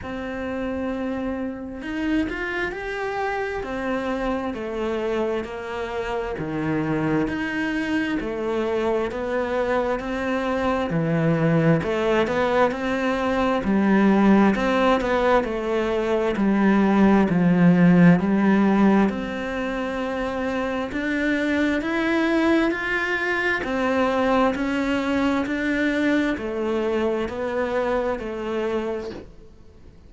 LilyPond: \new Staff \with { instrumentName = "cello" } { \time 4/4 \tempo 4 = 66 c'2 dis'8 f'8 g'4 | c'4 a4 ais4 dis4 | dis'4 a4 b4 c'4 | e4 a8 b8 c'4 g4 |
c'8 b8 a4 g4 f4 | g4 c'2 d'4 | e'4 f'4 c'4 cis'4 | d'4 a4 b4 a4 | }